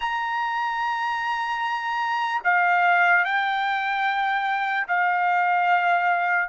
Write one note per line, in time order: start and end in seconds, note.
0.00 2.42 A#5
2.44 3.24 F5
3.24 4.86 G5
4.87 6.49 F5